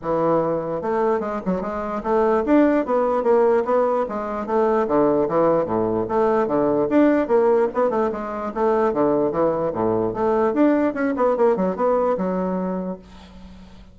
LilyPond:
\new Staff \with { instrumentName = "bassoon" } { \time 4/4 \tempo 4 = 148 e2 a4 gis8 fis8 | gis4 a4 d'4 b4 | ais4 b4 gis4 a4 | d4 e4 a,4 a4 |
d4 d'4 ais4 b8 a8 | gis4 a4 d4 e4 | a,4 a4 d'4 cis'8 b8 | ais8 fis8 b4 fis2 | }